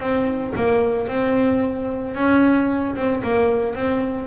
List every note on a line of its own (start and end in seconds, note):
0.00 0.54 C4
0.56 1.08 A#3
1.08 2.15 C4
2.15 2.95 C#4
2.96 3.23 C4
3.23 3.75 A#3
3.75 4.27 C4